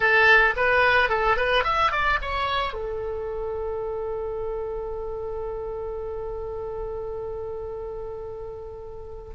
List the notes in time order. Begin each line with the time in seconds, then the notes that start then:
0.00 A4
0.56 B4
1.09 A4
1.36 B4
1.64 E5
1.91 D5
2.21 C#5
2.73 A4